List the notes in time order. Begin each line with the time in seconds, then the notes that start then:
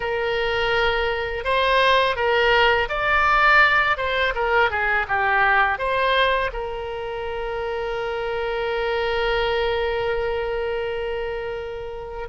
0.00 A#4
1.44 C5
2.16 A#4
2.88 D5
3.97 C5
4.34 A#4
4.70 G#4
5.08 G4
5.78 C5
6.52 A#4